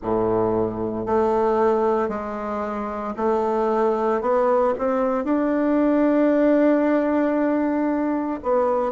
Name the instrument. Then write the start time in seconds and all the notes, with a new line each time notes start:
bassoon
0.01 A2
1.06 A3
2.09 G#3
3.16 A3
4.21 B3
4.78 C4
5.24 D4
8.42 B3